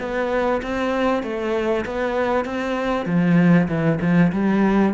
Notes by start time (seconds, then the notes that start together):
0.00 B3
0.63 C4
1.23 A3
1.86 B3
2.45 C4
3.06 F3
3.69 E3
4.01 F3
4.33 G3